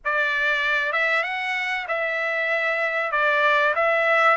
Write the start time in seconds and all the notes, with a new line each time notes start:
0.05 D5
0.92 E5
1.23 F#5
1.88 E5
3.11 D5
3.75 E5